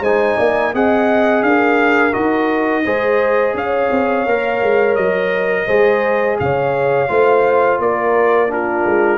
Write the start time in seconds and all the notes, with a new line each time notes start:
0.00 G#3 D#4 C5 G#5
0.36 A#3 D5
0.74 C4 G#4 D#5 F#5
1.42 D4 A#4 F5
2.12 D#4 F#4 D#5
2.84 G#3 G#4 C5
3.54 C#4 C#5 F5
3.91 C4
4.26 A#3 A#4
4.61 G#3
4.95 F#3 D#5
5.66 G#3 G#4 C5
6.39 C#3 C#5 F5
7.08 A3 F4 C5
7.79 A#3 A#4 D5
8.47 D4 F4 A#4
8.85 G#3